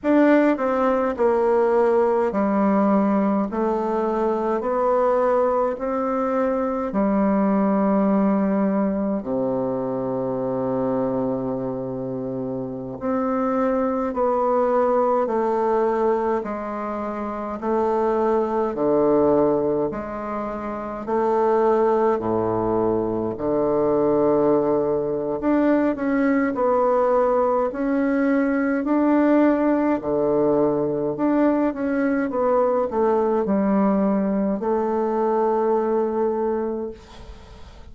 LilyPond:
\new Staff \with { instrumentName = "bassoon" } { \time 4/4 \tempo 4 = 52 d'8 c'8 ais4 g4 a4 | b4 c'4 g2 | c2.~ c16 c'8.~ | c'16 b4 a4 gis4 a8.~ |
a16 d4 gis4 a4 a,8.~ | a,16 d4.~ d16 d'8 cis'8 b4 | cis'4 d'4 d4 d'8 cis'8 | b8 a8 g4 a2 | }